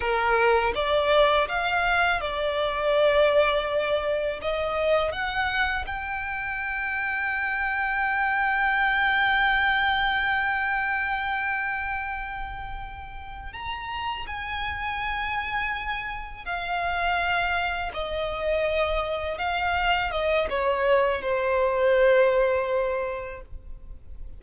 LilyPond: \new Staff \with { instrumentName = "violin" } { \time 4/4 \tempo 4 = 82 ais'4 d''4 f''4 d''4~ | d''2 dis''4 fis''4 | g''1~ | g''1~ |
g''2~ g''8 ais''4 gis''8~ | gis''2~ gis''8 f''4.~ | f''8 dis''2 f''4 dis''8 | cis''4 c''2. | }